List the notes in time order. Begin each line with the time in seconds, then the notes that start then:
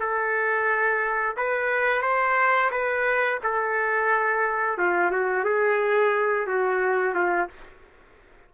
0.00 A4
1.37 B4
2.02 C5
2.71 B4
3.44 A4
4.78 F4
5.11 F#4
5.45 G#4
6.47 F#4
7.15 F4